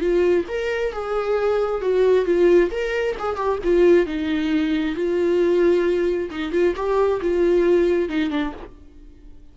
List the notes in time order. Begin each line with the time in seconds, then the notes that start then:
0.00 F4
0.48 A#4
0.92 G#4
1.81 F#4
2.25 F4
2.70 A#4
3.19 G#4
3.36 G4
3.64 F4
4.06 D#4
4.95 F4
6.30 D#4
6.51 F4
6.76 G4
7.21 F4
8.08 D#4
8.30 D4